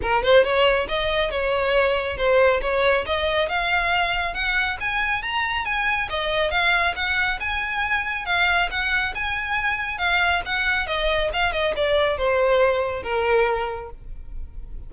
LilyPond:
\new Staff \with { instrumentName = "violin" } { \time 4/4 \tempo 4 = 138 ais'8 c''8 cis''4 dis''4 cis''4~ | cis''4 c''4 cis''4 dis''4 | f''2 fis''4 gis''4 | ais''4 gis''4 dis''4 f''4 |
fis''4 gis''2 f''4 | fis''4 gis''2 f''4 | fis''4 dis''4 f''8 dis''8 d''4 | c''2 ais'2 | }